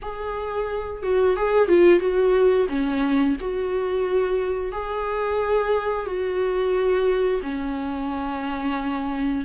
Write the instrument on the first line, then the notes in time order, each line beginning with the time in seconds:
viola
0.02 G#4
1.03 F#4
1.36 G#4
1.68 F4
1.99 F#4
2.68 C#4
3.40 F#4
4.72 G#4
6.06 F#4
7.42 C#4